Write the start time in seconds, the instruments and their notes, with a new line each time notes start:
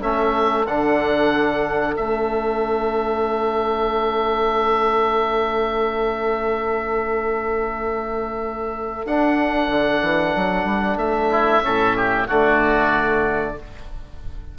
0.00 bassoon A3, trombone C#4, oboe A4 E5
0.67 bassoon D3, trombone D4, oboe F#5
1.97 bassoon A3, trombone C#4, oboe E5
9.06 bassoon D4, trombone D4, oboe F#5
9.68 bassoon D3
10.03 bassoon E3
10.36 bassoon F#3
10.65 bassoon G3
10.97 bassoon A3, oboe E5
11.29 oboe E4
11.62 bassoon A2, trombone C#4, oboe A4
11.97 oboe G4
12.27 bassoon D3, trombone A3, oboe F#4 D5